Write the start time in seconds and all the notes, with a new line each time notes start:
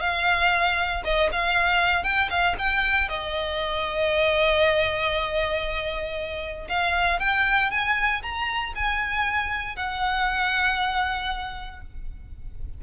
0.00 F5
1.04 D#5
1.32 F5
2.03 G5
2.30 F5
2.58 G5
3.09 D#5
6.69 F5
7.20 G5
7.71 G#5
8.22 A#5
8.75 G#5
9.76 F#5